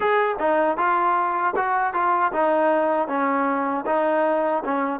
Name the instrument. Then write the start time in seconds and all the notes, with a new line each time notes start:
trombone
0.00 G#4
0.39 D#4
0.77 F4
1.56 F#4
1.93 F4
2.32 D#4
3.08 C#4
3.86 D#4
4.64 C#4